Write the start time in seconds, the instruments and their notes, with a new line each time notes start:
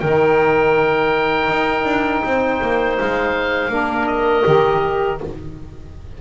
0.00 double bass D#3, saxophone D#4, clarinet A#4, oboe G5
1.49 double bass D#4
1.85 double bass D4
2.24 double bass C4, clarinet C5
2.61 double bass A#3
2.99 double bass G#3, oboe F5
3.69 double bass A#3, saxophone D4, clarinet A#4
4.07 oboe D#5
4.44 double bass D#3, saxophone G4